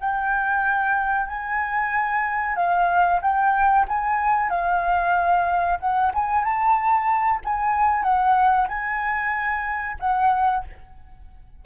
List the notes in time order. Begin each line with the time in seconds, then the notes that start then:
0.00 G5
1.27 G#5
2.55 F5
3.21 G5
3.88 G#5
4.50 F5
5.79 F#5
6.14 G#5
6.44 A5
7.44 G#5
8.03 F#5
8.68 G#5
9.99 F#5